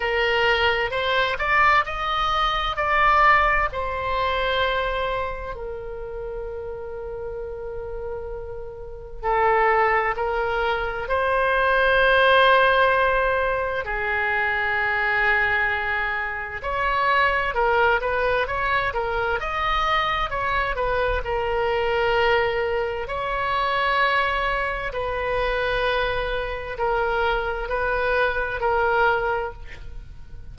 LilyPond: \new Staff \with { instrumentName = "oboe" } { \time 4/4 \tempo 4 = 65 ais'4 c''8 d''8 dis''4 d''4 | c''2 ais'2~ | ais'2 a'4 ais'4 | c''2. gis'4~ |
gis'2 cis''4 ais'8 b'8 | cis''8 ais'8 dis''4 cis''8 b'8 ais'4~ | ais'4 cis''2 b'4~ | b'4 ais'4 b'4 ais'4 | }